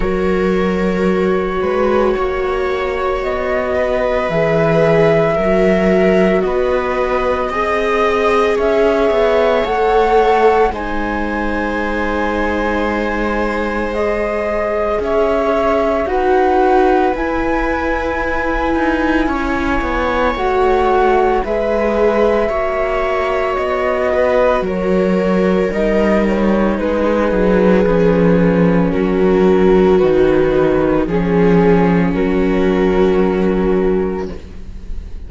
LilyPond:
<<
  \new Staff \with { instrumentName = "flute" } { \time 4/4 \tempo 4 = 56 cis''2. dis''4 | e''2 dis''2 | e''4 fis''4 gis''2~ | gis''4 dis''4 e''4 fis''4 |
gis''2. fis''4 | e''2 dis''4 cis''4 | dis''8 cis''8 b'2 ais'4 | b'4 gis'4 ais'2 | }
  \new Staff \with { instrumentName = "viola" } { \time 4/4 ais'4. b'8 cis''4. b'8~ | b'4 ais'4 b'4 dis''4 | cis''2 c''2~ | c''2 cis''4 b'4~ |
b'2 cis''2 | b'4 cis''4. b'8 ais'4~ | ais'4 gis'2 fis'4~ | fis'4 gis'4 fis'2 | }
  \new Staff \with { instrumentName = "viola" } { \time 4/4 fis'1 | gis'4 fis'2 gis'4~ | gis'4 a'4 dis'2~ | dis'4 gis'2 fis'4 |
e'2. fis'4 | gis'4 fis'2. | dis'2 cis'2 | dis'4 cis'2. | }
  \new Staff \with { instrumentName = "cello" } { \time 4/4 fis4. gis8 ais4 b4 | e4 fis4 b4 c'4 | cis'8 b8 a4 gis2~ | gis2 cis'4 dis'4 |
e'4. dis'8 cis'8 b8 a4 | gis4 ais4 b4 fis4 | g4 gis8 fis8 f4 fis4 | dis4 f4 fis2 | }
>>